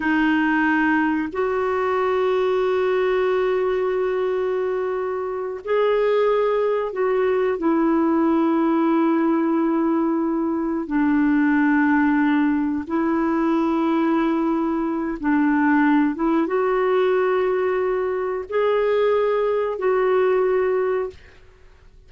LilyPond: \new Staff \with { instrumentName = "clarinet" } { \time 4/4 \tempo 4 = 91 dis'2 fis'2~ | fis'1~ | fis'8 gis'2 fis'4 e'8~ | e'1~ |
e'8 d'2. e'8~ | e'2. d'4~ | d'8 e'8 fis'2. | gis'2 fis'2 | }